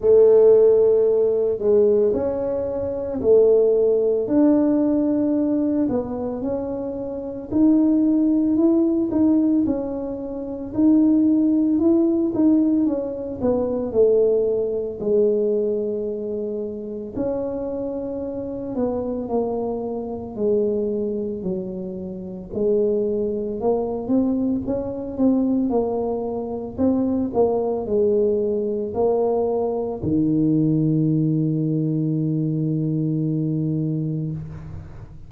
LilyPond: \new Staff \with { instrumentName = "tuba" } { \time 4/4 \tempo 4 = 56 a4. gis8 cis'4 a4 | d'4. b8 cis'4 dis'4 | e'8 dis'8 cis'4 dis'4 e'8 dis'8 | cis'8 b8 a4 gis2 |
cis'4. b8 ais4 gis4 | fis4 gis4 ais8 c'8 cis'8 c'8 | ais4 c'8 ais8 gis4 ais4 | dis1 | }